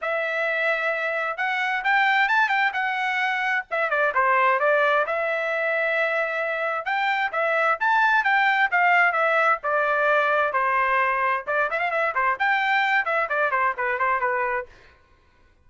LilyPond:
\new Staff \with { instrumentName = "trumpet" } { \time 4/4 \tempo 4 = 131 e''2. fis''4 | g''4 a''8 g''8 fis''2 | e''8 d''8 c''4 d''4 e''4~ | e''2. g''4 |
e''4 a''4 g''4 f''4 | e''4 d''2 c''4~ | c''4 d''8 e''16 f''16 e''8 c''8 g''4~ | g''8 e''8 d''8 c''8 b'8 c''8 b'4 | }